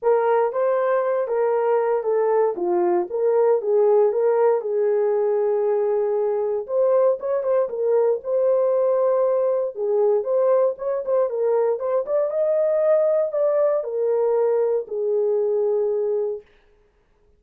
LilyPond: \new Staff \with { instrumentName = "horn" } { \time 4/4 \tempo 4 = 117 ais'4 c''4. ais'4. | a'4 f'4 ais'4 gis'4 | ais'4 gis'2.~ | gis'4 c''4 cis''8 c''8 ais'4 |
c''2. gis'4 | c''4 cis''8 c''8 ais'4 c''8 d''8 | dis''2 d''4 ais'4~ | ais'4 gis'2. | }